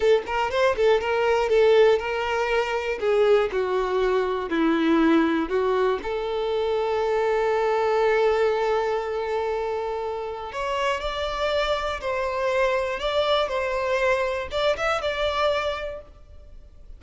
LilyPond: \new Staff \with { instrumentName = "violin" } { \time 4/4 \tempo 4 = 120 a'8 ais'8 c''8 a'8 ais'4 a'4 | ais'2 gis'4 fis'4~ | fis'4 e'2 fis'4 | a'1~ |
a'1~ | a'4 cis''4 d''2 | c''2 d''4 c''4~ | c''4 d''8 e''8 d''2 | }